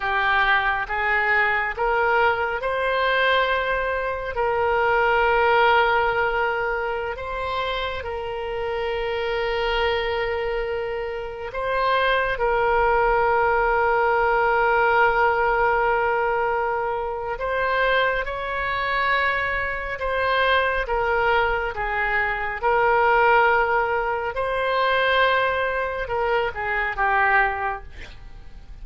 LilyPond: \new Staff \with { instrumentName = "oboe" } { \time 4/4 \tempo 4 = 69 g'4 gis'4 ais'4 c''4~ | c''4 ais'2.~ | ais'16 c''4 ais'2~ ais'8.~ | ais'4~ ais'16 c''4 ais'4.~ ais'16~ |
ais'1 | c''4 cis''2 c''4 | ais'4 gis'4 ais'2 | c''2 ais'8 gis'8 g'4 | }